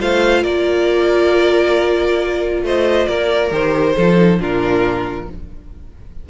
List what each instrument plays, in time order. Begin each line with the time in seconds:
0.00 cello A3, viola F4, violin C5 F5
0.43 cello A#3, violin A#4 D5
2.63 cello A3, violin C5 D#5
3.07 cello A#3, violin A#4 D5
3.50 cello D#3, viola G4, violin C5
3.96 cello F3, viola F4, violin A4
4.17 viola D#4
4.40 cello A#2, viola D4, violin F4 A#4